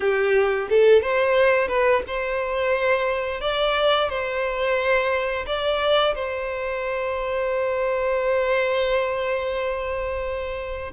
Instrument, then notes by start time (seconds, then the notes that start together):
violin
0.00 G4
0.69 A4
1.02 C5
1.68 B4
2.07 C5
3.41 D5
4.09 C5
5.46 D5
6.14 C5